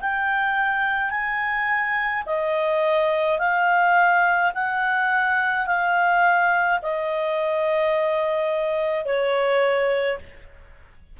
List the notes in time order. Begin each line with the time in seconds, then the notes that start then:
0.00 G5
1.10 G#5
2.26 D#5
3.39 F5
4.54 F#5
5.66 F5
6.82 D#5
9.05 C#5